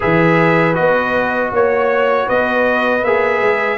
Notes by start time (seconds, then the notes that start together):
0.00 E3 G#4 B4 E5
0.74 B3 F#4 D#5
1.51 A#3 C#5
2.26 B3 B4 D#5
3.03 A#3 G#4 E5
3.40 G#3